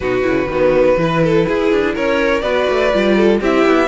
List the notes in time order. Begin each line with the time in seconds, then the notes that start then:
0.00 B2 D#4 F#4 B4
0.22 C#3 E4
0.47 D#3 B3 F#4
0.97 E3 E4 B4
1.23 A4
1.48 E4 G#4
1.71 D4
1.94 C#4 A#4 C#5
2.40 B3 F#4 B4 D5
2.69 A3
2.93 G3 F4
3.16 A4
3.40 C4 E4 G4 E5
3.66 B3